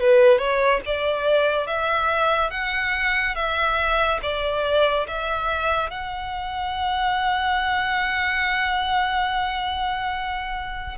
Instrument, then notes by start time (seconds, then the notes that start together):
violin
0.00 B4
0.38 C#5
0.86 D5
1.67 E5
2.50 F#5
3.35 E5
4.22 D5
5.08 E5
5.90 F#5